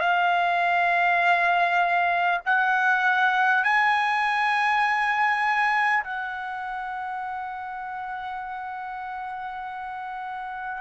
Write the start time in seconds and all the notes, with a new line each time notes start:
0.00 F5
2.45 F#5
3.64 G#5
6.03 F#5